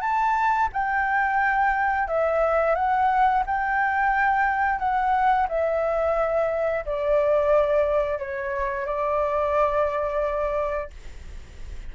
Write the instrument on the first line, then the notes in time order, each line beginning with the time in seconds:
flute
0.00 A5
0.72 G5
2.07 E5
2.75 F#5
3.46 G5
4.79 F#5
5.48 E5
6.85 D5
8.18 C#5
8.85 D5